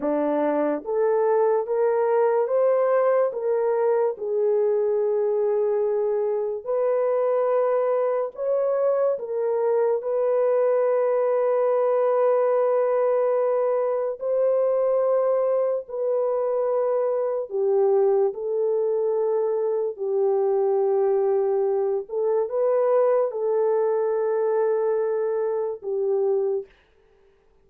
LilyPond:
\new Staff \with { instrumentName = "horn" } { \time 4/4 \tempo 4 = 72 d'4 a'4 ais'4 c''4 | ais'4 gis'2. | b'2 cis''4 ais'4 | b'1~ |
b'4 c''2 b'4~ | b'4 g'4 a'2 | g'2~ g'8 a'8 b'4 | a'2. g'4 | }